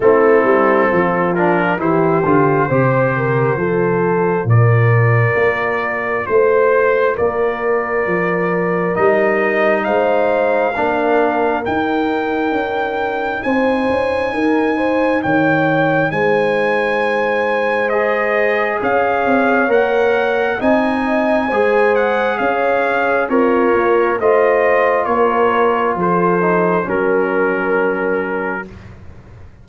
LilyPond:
<<
  \new Staff \with { instrumentName = "trumpet" } { \time 4/4 \tempo 4 = 67 a'4. ais'8 c''2~ | c''4 d''2 c''4 | d''2 dis''4 f''4~ | f''4 g''2 gis''4~ |
gis''4 g''4 gis''2 | dis''4 f''4 fis''4 gis''4~ | gis''8 fis''8 f''4 cis''4 dis''4 | cis''4 c''4 ais'2 | }
  \new Staff \with { instrumentName = "horn" } { \time 4/4 e'4 f'4 g'4 c''8 ais'8 | a'4 ais'2 c''4 | ais'2. c''4 | ais'2. c''4 |
ais'8 c''8 cis''4 c''2~ | c''4 cis''2 dis''4 | c''4 cis''4 f'4 c''4 | ais'4 a'4 ais'2 | }
  \new Staff \with { instrumentName = "trombone" } { \time 4/4 c'4. d'8 e'8 f'8 g'4 | f'1~ | f'2 dis'2 | d'4 dis'2.~ |
dis'1 | gis'2 ais'4 dis'4 | gis'2 ais'4 f'4~ | f'4. dis'8 cis'2 | }
  \new Staff \with { instrumentName = "tuba" } { \time 4/4 a8 g8 f4 e8 d8 c4 | f4 ais,4 ais4 a4 | ais4 f4 g4 gis4 | ais4 dis'4 cis'4 c'8 cis'8 |
dis'4 dis4 gis2~ | gis4 cis'8 c'8 ais4 c'4 | gis4 cis'4 c'8 ais8 a4 | ais4 f4 fis2 | }
>>